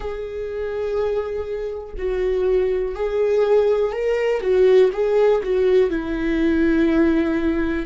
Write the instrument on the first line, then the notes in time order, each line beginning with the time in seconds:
viola
0.00 G#4
1.97 F#4
2.95 G#4
3.92 A#4
4.41 F#4
4.92 G#4
5.43 F#4
5.90 E4